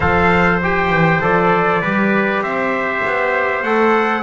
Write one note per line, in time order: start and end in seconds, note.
0.00 0.90 F3
0.00 0.61 A4
0.00 1.81 C5
0.00 0.60 F5
0.62 1.21 G4
0.62 1.23 G5
0.90 1.20 E3
1.20 1.81 F3
1.20 1.81 A4
1.20 2.42 D5
1.81 2.41 G3
1.81 3.64 G4
1.81 2.42 B4
2.41 3.01 C4
2.41 4.22 C5
2.41 3.63 E5
3.05 3.62 B3
3.62 4.22 A3
3.62 4.22 A4
3.62 4.22 F#5